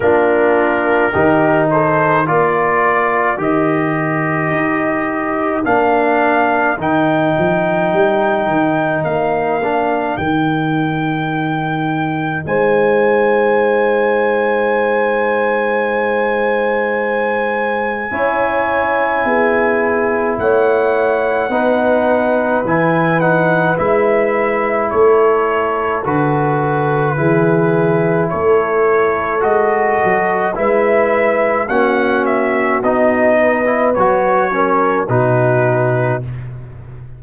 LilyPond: <<
  \new Staff \with { instrumentName = "trumpet" } { \time 4/4 \tempo 4 = 53 ais'4. c''8 d''4 dis''4~ | dis''4 f''4 g''2 | f''4 g''2 gis''4~ | gis''1~ |
gis''2 fis''2 | gis''8 fis''8 e''4 cis''4 b'4~ | b'4 cis''4 dis''4 e''4 | fis''8 e''8 dis''4 cis''4 b'4 | }
  \new Staff \with { instrumentName = "horn" } { \time 4/4 f'4 g'8 a'8 ais'2~ | ais'1~ | ais'2. c''4~ | c''1 |
cis''4 gis'4 cis''4 b'4~ | b'2 a'2 | gis'4 a'2 b'4 | fis'4. b'4 ais'8 fis'4 | }
  \new Staff \with { instrumentName = "trombone" } { \time 4/4 d'4 dis'4 f'4 g'4~ | g'4 d'4 dis'2~ | dis'8 d'8 dis'2.~ | dis'1 |
e'2. dis'4 | e'8 dis'8 e'2 fis'4 | e'2 fis'4 e'4 | cis'4 dis'8. e'16 fis'8 cis'8 dis'4 | }
  \new Staff \with { instrumentName = "tuba" } { \time 4/4 ais4 dis4 ais4 dis4 | dis'4 ais4 dis8 f8 g8 dis8 | ais4 dis2 gis4~ | gis1 |
cis'4 b4 a4 b4 | e4 gis4 a4 d4 | e4 a4 gis8 fis8 gis4 | ais4 b4 fis4 b,4 | }
>>